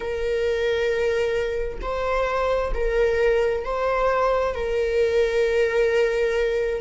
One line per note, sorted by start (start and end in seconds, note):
0.00 1.79 A#4
1.81 2.72 C5
2.74 3.64 A#4
3.64 4.54 C5
4.54 6.81 A#4